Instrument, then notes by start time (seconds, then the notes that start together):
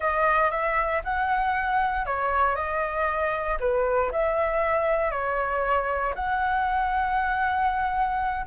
flute
0.00 D#5
0.50 E5
1.03 F#5
2.06 C#5
2.55 D#5
3.59 B4
4.11 E5
5.11 C#5
6.15 F#5